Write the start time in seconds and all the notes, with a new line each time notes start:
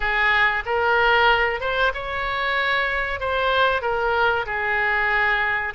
0.00 G#4
0.65 A#4
1.60 C5
1.94 C#5
3.19 C5
3.82 A#4
4.45 G#4